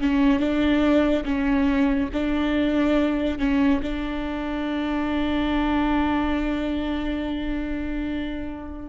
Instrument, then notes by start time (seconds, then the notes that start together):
viola
0.00 C#4
0.40 D4
1.24 C#4
2.13 D4
3.38 C#4
3.82 D4